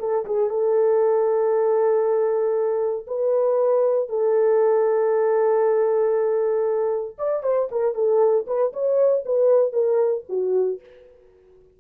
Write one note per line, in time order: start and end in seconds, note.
0.00 0.26 A4
0.26 0.50 G#4
0.50 3.07 A4
3.08 4.10 B4
4.10 7.17 A4
7.19 7.44 D5
7.44 7.69 C5
7.72 7.95 A#4
7.95 8.46 A4
8.48 8.73 B4
8.73 9.25 C#5
9.26 9.73 B4
9.73 10.24 A#4
10.29 10.81 F#4